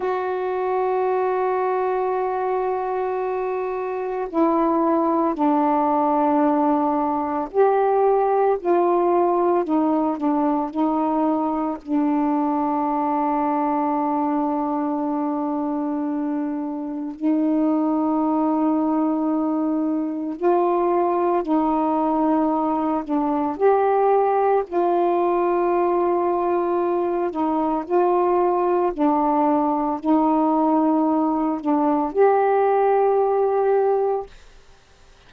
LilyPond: \new Staff \with { instrumentName = "saxophone" } { \time 4/4 \tempo 4 = 56 fis'1 | e'4 d'2 g'4 | f'4 dis'8 d'8 dis'4 d'4~ | d'1 |
dis'2. f'4 | dis'4. d'8 g'4 f'4~ | f'4. dis'8 f'4 d'4 | dis'4. d'8 g'2 | }